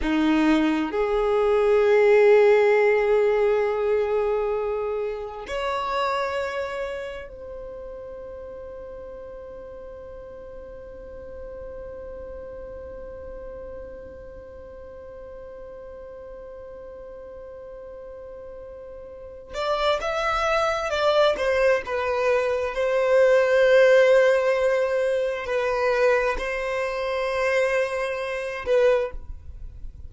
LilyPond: \new Staff \with { instrumentName = "violin" } { \time 4/4 \tempo 4 = 66 dis'4 gis'2.~ | gis'2 cis''2 | c''1~ | c''1~ |
c''1~ | c''4. d''8 e''4 d''8 c''8 | b'4 c''2. | b'4 c''2~ c''8 b'8 | }